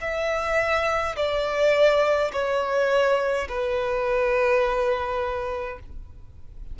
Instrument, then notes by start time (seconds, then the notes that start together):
violin
0.00 E5
1.16 D5
2.32 C#5
3.48 B4